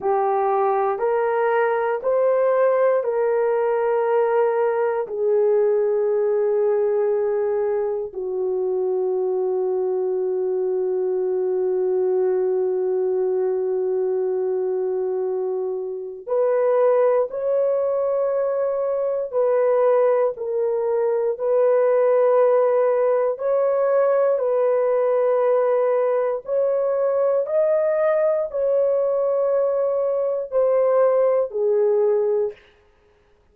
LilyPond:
\new Staff \with { instrumentName = "horn" } { \time 4/4 \tempo 4 = 59 g'4 ais'4 c''4 ais'4~ | ais'4 gis'2. | fis'1~ | fis'1 |
b'4 cis''2 b'4 | ais'4 b'2 cis''4 | b'2 cis''4 dis''4 | cis''2 c''4 gis'4 | }